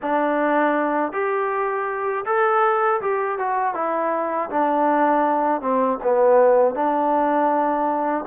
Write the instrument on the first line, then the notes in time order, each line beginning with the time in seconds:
trombone
0.02 D4
1.12 G4
2.25 A4
3.01 G4
3.38 F#4
3.74 E4
4.50 D4
5.61 C4
6.03 B3
6.74 D4